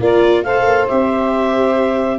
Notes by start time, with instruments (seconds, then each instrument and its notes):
0.00 tuba A#3, viola F4, saxophone A#4, clarinet D5
0.43 tuba A3, viola A4, saxophone C5, clarinet F5
0.65 tuba A#3
0.88 tuba C4, viola G4, clarinet E5